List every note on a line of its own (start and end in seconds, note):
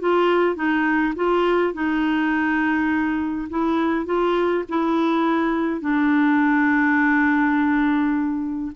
0.00 0.56 F4
0.56 1.14 D#4
1.16 1.74 F4
1.74 3.48 D#4
3.50 4.06 E4
4.06 4.64 F4
4.69 5.81 E4
5.81 8.72 D4